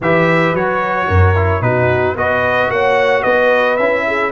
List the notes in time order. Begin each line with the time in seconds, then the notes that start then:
0.00 E3 G4 B4 E5
0.53 F#3 F#4 C#5
1.07 F#2 A#4
1.35 E4
1.61 B2 D#4 F#4 B4
2.14 B3 F#4 B4 D#5
2.69 A#3 C#5 F#5
3.22 B3 B4 D#5
3.76 C#4 E4 E5
4.06 G#4